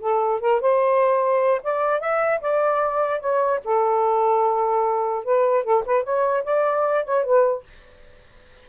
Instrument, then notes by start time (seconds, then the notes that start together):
saxophone
0.00 A4
0.41 A#4
0.61 C5
1.63 D5
2.00 E5
2.41 D5
3.20 C#5
3.64 A4
5.25 B4
5.64 A4
5.86 B4
6.04 C#5
6.44 D5
7.05 C#5
7.24 B4